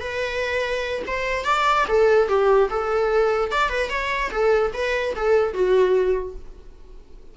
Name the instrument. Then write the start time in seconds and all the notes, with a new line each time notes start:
viola
0.00 B4
1.07 C5
1.45 D5
1.88 A4
2.28 G4
2.70 A4
3.51 D5
3.69 B4
3.89 C#5
4.31 A4
4.73 B4
5.15 A4
5.53 F#4